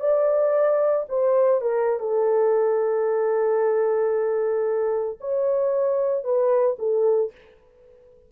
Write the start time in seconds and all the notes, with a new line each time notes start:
0.00 D5
1.09 C5
1.61 A#4
2.00 A4
5.21 C#5
6.24 B4
6.79 A4